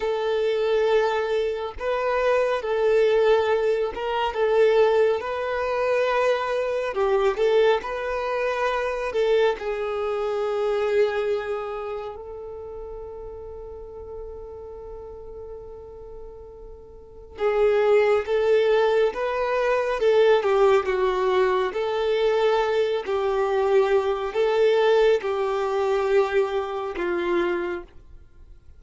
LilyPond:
\new Staff \with { instrumentName = "violin" } { \time 4/4 \tempo 4 = 69 a'2 b'4 a'4~ | a'8 ais'8 a'4 b'2 | g'8 a'8 b'4. a'8 gis'4~ | gis'2 a'2~ |
a'1 | gis'4 a'4 b'4 a'8 g'8 | fis'4 a'4. g'4. | a'4 g'2 f'4 | }